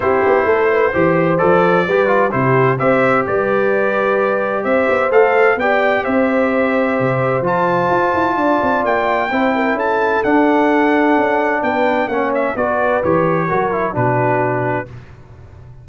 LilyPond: <<
  \new Staff \with { instrumentName = "trumpet" } { \time 4/4 \tempo 4 = 129 c''2. d''4~ | d''4 c''4 e''4 d''4~ | d''2 e''4 f''4 | g''4 e''2. |
a''2. g''4~ | g''4 a''4 fis''2~ | fis''4 g''4 fis''8 e''8 d''4 | cis''2 b'2 | }
  \new Staff \with { instrumentName = "horn" } { \time 4/4 g'4 a'8 b'8 c''2 | b'4 g'4 c''4 b'4~ | b'2 c''2 | d''4 c''2.~ |
c''2 d''2 | c''8 ais'8 a'2.~ | a'4 b'4 cis''4 b'4~ | b'4 ais'4 fis'2 | }
  \new Staff \with { instrumentName = "trombone" } { \time 4/4 e'2 g'4 a'4 | g'8 f'8 e'4 g'2~ | g'2. a'4 | g'1 |
f'1 | e'2 d'2~ | d'2 cis'4 fis'4 | g'4 fis'8 e'8 d'2 | }
  \new Staff \with { instrumentName = "tuba" } { \time 4/4 c'8 b8 a4 e4 f4 | g4 c4 c'4 g4~ | g2 c'8 b8 a4 | b4 c'2 c4 |
f4 f'8 e'8 d'8 c'8 ais4 | c'4 cis'4 d'2 | cis'4 b4 ais4 b4 | e4 fis4 b,2 | }
>>